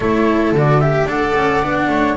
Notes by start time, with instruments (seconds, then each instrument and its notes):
0.00 double bass A3, cello E4, viola A4, flute C#5
0.52 double bass D3, cello F#4, flute D5
0.80 cello G4, flute E5
1.04 double bass D4, cello A4, viola D5, flute F#5
1.35 double bass C#4
1.62 double bass B3, cello D4
1.88 double bass A3, viola C#5